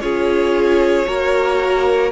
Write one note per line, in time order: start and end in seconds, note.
0.00 1.06 C#4
0.00 1.06 F4
0.00 1.07 G#4
0.00 2.11 C#5
1.06 2.11 A#3
1.06 2.11 F#4
1.06 2.11 A#4